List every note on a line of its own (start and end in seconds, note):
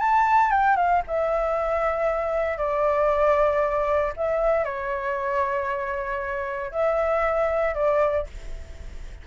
0.00 0.51 A5
0.51 0.77 G5
0.77 1.03 F5
1.08 2.58 E5
2.58 4.13 D5
4.17 4.65 E5
4.65 6.72 C#5
6.72 7.75 E5
7.75 8.27 D5